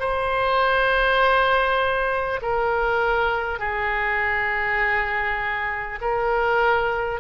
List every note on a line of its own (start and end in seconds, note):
0.00 2.40 C5
2.42 3.59 A#4
3.59 5.99 G#4
6.02 7.21 A#4